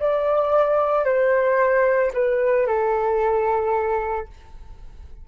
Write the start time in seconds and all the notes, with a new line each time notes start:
0.00 D5
1.05 C5
2.14 B4
2.67 A4